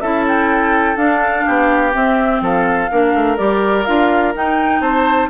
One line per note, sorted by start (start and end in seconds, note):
0.00 0.96 C#4
0.00 0.96 E4
0.00 1.45 A4
0.00 0.24 E5
0.27 0.96 G5
0.96 1.44 D4
0.96 1.92 D4
0.96 1.92 F5
1.45 1.95 B3
1.45 2.41 G4
1.92 2.88 C4
1.92 2.40 C4
1.92 2.42 E5
2.40 2.88 F3
2.40 2.90 A4
2.40 3.37 F5
2.91 3.13 A#3
2.91 3.37 D4
2.91 4.81 A#4
3.13 3.37 A3
3.37 3.86 G3
3.37 3.85 G4
3.37 3.84 D5
3.84 4.35 D4
3.84 4.33 F4
3.84 4.32 F5
4.35 4.80 D#4
4.35 5.30 D#4
4.35 4.81 G5
4.80 5.28 C4
4.80 5.29 C5
4.80 5.29 A5